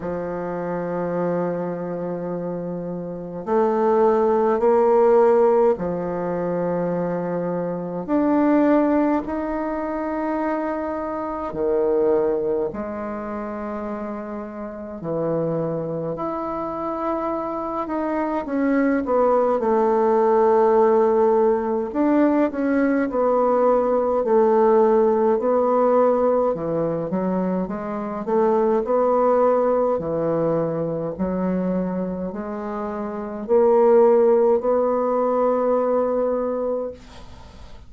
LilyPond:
\new Staff \with { instrumentName = "bassoon" } { \time 4/4 \tempo 4 = 52 f2. a4 | ais4 f2 d'4 | dis'2 dis4 gis4~ | gis4 e4 e'4. dis'8 |
cis'8 b8 a2 d'8 cis'8 | b4 a4 b4 e8 fis8 | gis8 a8 b4 e4 fis4 | gis4 ais4 b2 | }